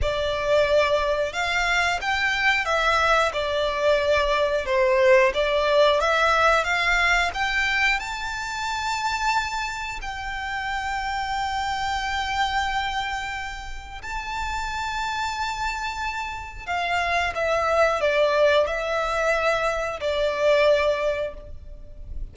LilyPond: \new Staff \with { instrumentName = "violin" } { \time 4/4 \tempo 4 = 90 d''2 f''4 g''4 | e''4 d''2 c''4 | d''4 e''4 f''4 g''4 | a''2. g''4~ |
g''1~ | g''4 a''2.~ | a''4 f''4 e''4 d''4 | e''2 d''2 | }